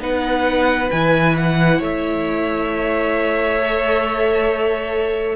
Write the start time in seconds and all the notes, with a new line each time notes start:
0.00 B3 D#4 B4 F#5
0.91 E3 E4 G#5
1.38 F#5
1.78 A3 C#5 E5
3.59 A4